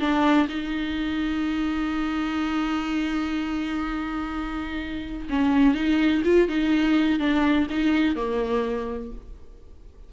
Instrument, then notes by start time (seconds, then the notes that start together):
viola
0.00 D4
0.49 D#4
5.30 C#4
5.75 D#4
6.25 F4
6.49 D#4
7.20 D4
7.70 D#4
8.16 A#3